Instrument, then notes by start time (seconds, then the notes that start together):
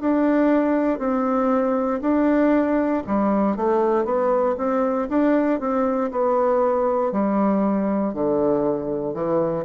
bassoon
0.00 D4
0.98 C4
2.01 D4
3.06 G3
3.56 A3
4.05 B3
4.58 C4
5.09 D4
5.60 C4
6.11 B3
7.12 G3
8.14 D3
9.14 E3